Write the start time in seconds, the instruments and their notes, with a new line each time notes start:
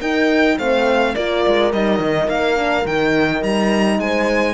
0.00 cello D#4, horn D#4 A#4, violin G5
0.58 cello A3, horn C4 C5, violin F5
1.14 cello A#3, horn F4 A#4, violin D5
1.46 cello G#3
1.72 cello G3, horn D#4, violin D#5
1.99 cello D#3
2.28 cello A#3, violin F5
2.55 horn D4
2.85 cello D#3, horn D#4, violin G5
3.42 cello G3, violin A#5
3.99 cello G#3, horn C5, violin G#5